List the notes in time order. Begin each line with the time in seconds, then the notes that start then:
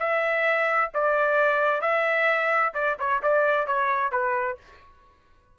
0.00 E5
0.94 D5
1.81 E5
2.74 D5
2.99 C#5
3.22 D5
3.67 C#5
4.12 B4